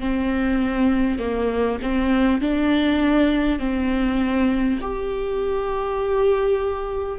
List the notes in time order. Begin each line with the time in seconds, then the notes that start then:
0.00 C4
1.19 A#3
1.83 C4
2.41 D4
3.59 C4
4.81 G4